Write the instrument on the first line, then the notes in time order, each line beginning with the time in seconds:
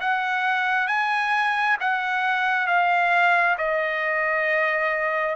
trumpet
0.00 F#5
0.88 G#5
1.80 F#5
2.67 F5
3.57 D#5